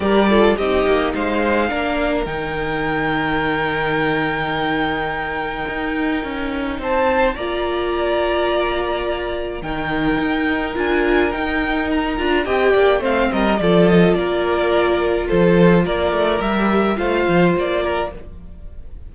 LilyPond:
<<
  \new Staff \with { instrumentName = "violin" } { \time 4/4 \tempo 4 = 106 d''4 dis''4 f''2 | g''1~ | g''1 | a''4 ais''2.~ |
ais''4 g''2 gis''4 | g''4 ais''4 g''4 f''8 dis''8 | d''8 dis''8 d''2 c''4 | d''4 e''4 f''4 d''4 | }
  \new Staff \with { instrumentName = "violin" } { \time 4/4 ais'8 a'8 g'4 c''4 ais'4~ | ais'1~ | ais'1 | c''4 d''2.~ |
d''4 ais'2.~ | ais'2 dis''8 d''8 c''8 ais'8 | a'4 ais'2 a'4 | ais'2 c''4. ais'8 | }
  \new Staff \with { instrumentName = "viola" } { \time 4/4 g'8 f'8 dis'2 d'4 | dis'1~ | dis'1~ | dis'4 f'2.~ |
f'4 dis'2 f'4 | dis'4. f'8 g'4 c'4 | f'1~ | f'4 g'4 f'2 | }
  \new Staff \with { instrumentName = "cello" } { \time 4/4 g4 c'8 ais8 gis4 ais4 | dis1~ | dis2 dis'4 cis'4 | c'4 ais2.~ |
ais4 dis4 dis'4 d'4 | dis'4. d'8 c'8 ais8 a8 g8 | f4 ais2 f4 | ais8 a8 g4 a8 f8 ais4 | }
>>